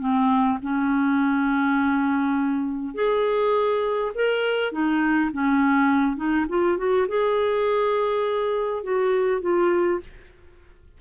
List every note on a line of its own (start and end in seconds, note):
0.00 0.59 C4
0.62 2.95 C#4
2.95 4.12 G#4
4.15 4.72 A#4
4.72 5.31 D#4
5.32 6.17 C#4
6.17 6.46 D#4
6.49 6.78 F4
6.78 7.07 F#4
7.08 8.83 G#4
8.83 9.42 F#4
9.42 10.01 F4